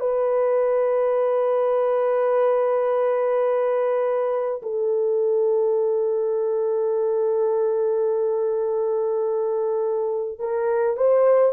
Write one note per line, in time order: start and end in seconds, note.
0.00 4.62 B4
4.63 10.39 A4
10.39 10.97 A#4
10.97 11.53 C5